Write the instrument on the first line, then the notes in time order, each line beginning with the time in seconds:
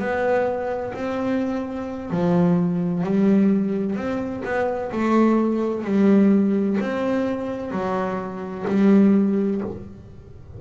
double bass
0.00 B3
0.94 C4
2.11 F3
3.04 G3
3.96 C4
4.45 B3
4.92 A3
5.85 G3
6.81 C4
7.72 F#3
8.68 G3